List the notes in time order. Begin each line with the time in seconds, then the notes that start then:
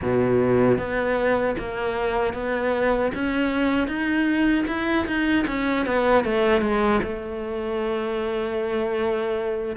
0.01 B2
0.78 B3
1.58 A#3
2.33 B3
3.14 C#4
3.87 D#4
4.67 E4
5.06 D#4
5.47 C#4
5.85 B3
6.24 A3
6.61 G#3
7.03 A3